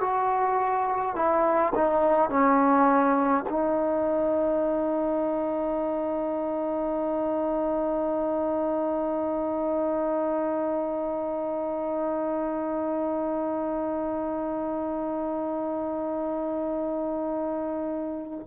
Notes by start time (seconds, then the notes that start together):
0.00 F#4
1.15 E4
1.75 D#4
2.29 C#4
3.49 D#4